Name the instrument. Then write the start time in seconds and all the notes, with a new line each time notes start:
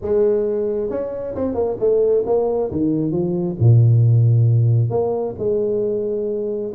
tuba
0.01 G#3
0.90 C#4
1.35 C4
1.54 A#3
1.79 A3
2.26 A#3
2.71 D#3
3.11 F3
3.59 A#2
4.90 A#3
5.38 G#3